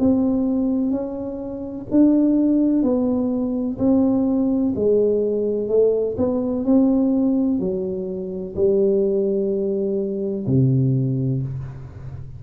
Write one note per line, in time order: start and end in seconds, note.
0.00 0.91 C4
0.91 1.87 C#4
1.91 2.83 D4
2.83 3.78 B3
3.79 4.74 C4
4.76 5.69 G#3
5.69 6.16 A3
6.18 6.65 B3
6.65 7.60 C4
7.60 8.55 F#3
8.56 10.46 G3
10.47 11.42 C3